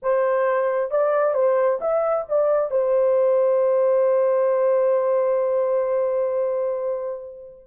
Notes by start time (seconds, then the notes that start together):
0.02 C5
0.90 D5
1.33 C5
1.80 E5
2.28 D5
2.70 C5